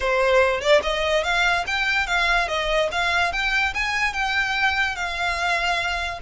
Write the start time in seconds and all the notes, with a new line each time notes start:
0.00 C5
0.60 D5
0.82 D#5
1.23 F5
1.66 G5
2.07 F5
2.48 D#5
2.91 F5
3.32 G5
3.74 G#5
4.13 G5
4.95 F5